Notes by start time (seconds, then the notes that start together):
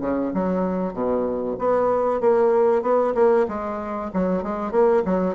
0.00 C#3
0.33 F#3
0.93 B2
1.58 B3
2.20 A#3
2.82 B3
3.14 A#3
3.48 G#3
4.13 F#3
4.43 G#3
4.71 A#3
5.05 F#3